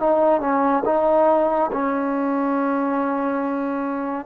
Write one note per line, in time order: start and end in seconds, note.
0.00 0.41 D#4
0.41 0.84 C#4
0.85 1.71 D#4
1.73 4.26 C#4